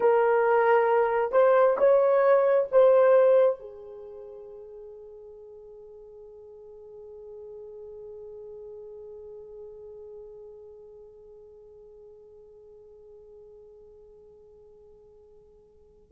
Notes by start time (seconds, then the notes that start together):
0.00 A#4
1.32 C5
1.77 C#5
2.71 C5
3.59 G#4